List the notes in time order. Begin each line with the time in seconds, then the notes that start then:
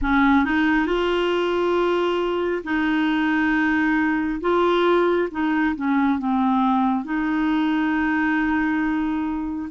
0.01 C#4
0.45 D#4
0.86 F4
2.64 D#4
4.40 F4
5.31 D#4
5.76 C#4
6.18 C4
7.04 D#4